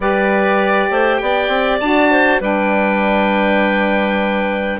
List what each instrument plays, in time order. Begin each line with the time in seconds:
0.00 bassoon G3, saxophone G4, clarinet B4, oboe D5
0.90 bassoon A3, clarinet C5
1.17 bassoon B3, clarinet D5, oboe G5
1.48 bassoon C4
1.80 bassoon D4, saxophone F#4, oboe A5
2.10 clarinet C5
2.40 bassoon G3, saxophone D4, clarinet B4, oboe G5